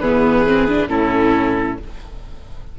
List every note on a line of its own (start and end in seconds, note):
0.00 0.89 E3
0.00 0.47 B3
0.00 0.90 G#4
0.00 0.90 B4
0.47 0.69 C4
0.69 0.88 D4
0.88 1.78 A2
0.88 1.78 C#4
0.88 1.79 E4
0.88 1.79 A4